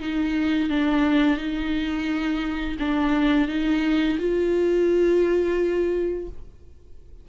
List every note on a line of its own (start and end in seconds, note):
0.00 0.70 D#4
0.70 1.37 D4
1.37 2.77 D#4
2.80 3.49 D4
3.49 4.18 D#4
4.19 6.29 F4